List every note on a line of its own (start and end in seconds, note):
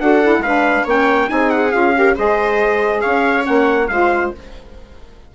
0.00 0.39 D4
0.00 0.23 F#4
0.00 0.44 A4
0.00 0.43 F#5
0.23 0.45 E4
0.39 0.82 G#3
0.39 0.84 B4
0.39 0.86 F5
0.45 0.88 D4
0.84 1.29 A#3
0.84 1.28 C#4
0.84 1.27 C#5
0.84 1.29 G5
1.28 1.74 C4
1.28 1.71 D#4
1.28 1.97 G#4
1.28 1.50 G#5
1.50 1.72 F#5
1.72 2.17 C#4
1.72 1.94 F4
1.72 2.15 F5
1.96 2.16 G4
1.96 2.15 A#4
2.15 3.04 G#3
2.15 3.43 G#4
2.15 3.02 C5
2.15 3.01 D#5
3.01 3.48 C#4
3.01 3.88 C#5
3.01 3.44 F5
3.43 3.89 A#3
3.43 3.86 C#4
3.43 3.88 F#5
3.88 4.32 G#3
3.88 4.34 F4
3.88 4.35 C5
3.88 4.31 F5